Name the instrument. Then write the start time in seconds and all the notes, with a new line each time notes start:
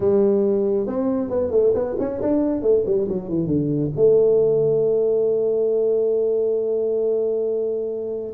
tuba
0.00 G3
0.87 C4
1.29 B3
1.50 A3
1.74 B3
1.99 C#4
2.21 D4
2.61 A3
2.85 G3
3.09 F#3
3.28 E3
3.46 D3
3.95 A3